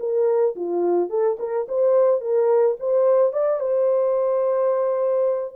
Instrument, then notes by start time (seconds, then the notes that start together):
horn
0.00 A#4
0.56 F4
1.10 A4
1.40 A#4
1.69 C5
2.21 A#4
2.80 C5
3.33 D5
3.60 C5